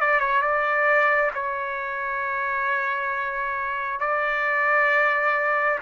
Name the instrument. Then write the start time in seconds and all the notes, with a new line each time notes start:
trumpet
0.00 D5
0.20 C#5
0.41 D5
1.34 C#5
4.00 D5